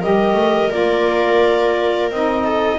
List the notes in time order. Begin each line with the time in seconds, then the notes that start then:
0.00 G3 G4 A#4 D#5
0.34 A3
0.70 A#3 F4 D5
2.10 C4 D#4 D#5
2.44 A4